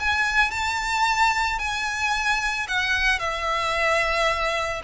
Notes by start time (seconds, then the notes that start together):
0.00 G#5
0.51 A5
1.59 G#5
2.68 F#5
3.20 E5